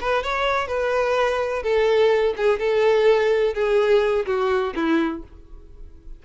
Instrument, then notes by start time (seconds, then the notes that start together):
violin
0.00 B4
0.23 C#5
0.67 B4
1.63 A4
2.36 G#4
2.59 A4
3.54 G#4
4.26 F#4
4.75 E4